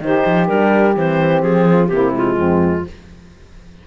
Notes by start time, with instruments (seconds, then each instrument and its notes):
0.00 cello D#3, horn D#4, saxophone G4, clarinet C5
0.26 cello F3
0.47 cello G3, horn D4, clarinet A#4
0.96 cello E3, horn C4, clarinet C5
1.42 cello F3, clarinet G#4
1.67 saxophone F4
1.88 cello C3, horn A#3, saxophone E4, clarinet G4
2.13 horn G#3, clarinet F4
2.36 cello F2, saxophone C4